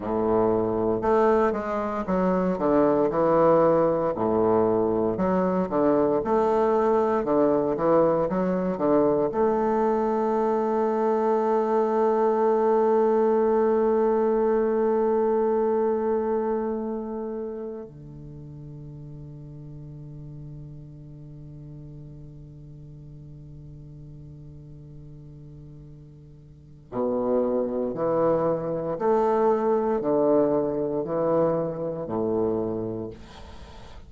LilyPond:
\new Staff \with { instrumentName = "bassoon" } { \time 4/4 \tempo 4 = 58 a,4 a8 gis8 fis8 d8 e4 | a,4 fis8 d8 a4 d8 e8 | fis8 d8 a2.~ | a1~ |
a4~ a16 d2~ d8.~ | d1~ | d2 b,4 e4 | a4 d4 e4 a,4 | }